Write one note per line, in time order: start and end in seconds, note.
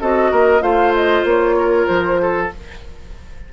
0.00 0.31 C4
0.00 0.60 F#4
0.00 0.31 A4
0.00 0.62 D#5
0.31 0.61 A#3
0.31 0.62 A#4
0.60 1.24 A3
0.60 2.48 F4
0.60 1.55 C5
0.60 0.93 F5
0.94 1.25 D#5
1.24 1.87 A#3
1.24 1.86 C#5
1.58 2.21 A#4
1.86 2.51 F3
1.86 2.48 C5
2.21 2.52 A4